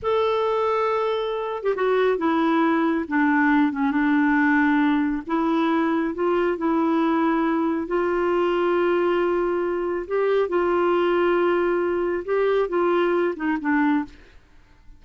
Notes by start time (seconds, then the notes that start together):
0.02 A4
1.63 G4
1.75 F#4
2.17 E4
3.08 D4
3.71 C#4
3.91 D4
5.27 E4
6.14 F4
6.57 E4
7.87 F4
10.07 G4
10.49 F4
12.24 G4
12.68 F4
13.36 D#4
13.61 D4